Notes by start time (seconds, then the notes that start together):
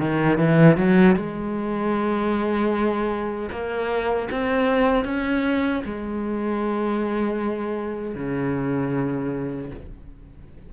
0.00 D#3
0.38 E3
0.77 F#3
1.16 G#3
3.51 A#3
4.31 C4
5.05 C#4
5.85 G#3
8.15 C#3